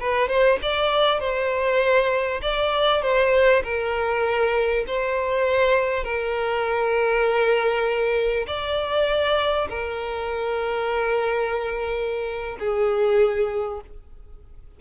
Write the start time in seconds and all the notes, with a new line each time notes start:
0.00 B4
0.28 C5
0.62 D5
1.20 C5
2.42 D5
3.02 C5
3.64 A#4
4.87 C5
6.04 A#4
8.47 D5
9.70 A#4
12.60 G#4